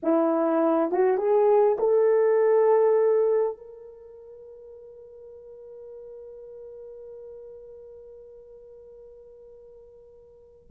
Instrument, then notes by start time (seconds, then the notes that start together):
horn
0.02 E4
0.91 F#4
1.17 G#4
1.78 A4
3.57 A#4